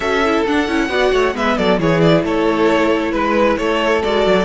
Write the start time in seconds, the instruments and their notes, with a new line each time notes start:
0.00 cello C#4, viola F#4, violin A4 E5
0.24 viola E4
0.46 viola D4, cello D4, violin F#5
0.67 cello C#4, viola E4
0.89 cello B3, viola F#4, violin D5
1.12 cello A3, violin C#5
1.34 cello G#3, viola B3, violin B4 E5
1.57 cello F#3, violin A4 D5
1.78 cello E3, viola E4, violin G#4 C#5
2.00 violin D5
2.23 cello A3, violin A4 C#5
3.11 cello G#3, violin B4
3.57 cello A3, violin A4 C#5
4.02 cello G#3, viola F#4, violin D5
4.26 cello F#3